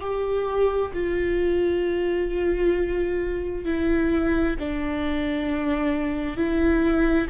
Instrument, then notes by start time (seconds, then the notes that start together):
viola
0.00 G4
0.93 F4
3.64 E4
4.59 D4
6.36 E4